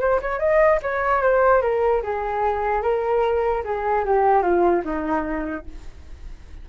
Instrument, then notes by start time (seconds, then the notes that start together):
flute
0.00 C5
0.22 C#5
0.39 D#5
0.82 C#5
1.22 C5
1.62 A#4
2.03 G#4
2.82 A#4
3.64 G#4
4.05 G4
4.42 F4
4.85 D#4